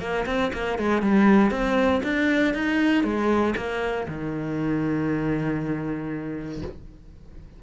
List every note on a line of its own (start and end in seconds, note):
0.00 0.25 A#3
0.26 0.51 C4
0.53 0.78 A#3
0.78 1.02 G#3
1.02 1.51 G3
1.51 2.02 C4
2.03 2.54 D4
2.54 3.04 D#4
3.04 3.55 G#3
3.56 4.07 A#3
4.08 6.62 D#3